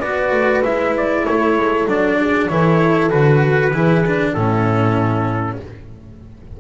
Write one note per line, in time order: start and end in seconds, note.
0.00 0.32 B3
0.00 0.64 F#4
0.00 1.24 B4
0.00 0.62 D5
0.32 0.63 A3
0.64 1.26 G#3
0.64 1.88 E4
0.64 0.95 E5
0.97 1.26 D5
1.26 1.57 A3
1.26 2.20 A4
1.26 1.87 C#5
1.57 1.86 G#3
1.86 2.47 F#3
1.86 2.50 D4
1.86 2.48 D5
2.20 2.50 G#4
2.48 3.11 E3
2.48 3.10 E4
2.48 3.73 A4
2.48 3.10 C#5
3.10 3.73 D3
3.10 3.71 F#4
3.10 4.33 B4
3.73 4.35 E3
3.73 4.04 E4
3.73 4.32 G#4
4.06 4.36 D4
4.32 5.58 A2
4.32 5.60 C#4
4.32 5.56 E4
4.32 5.57 A4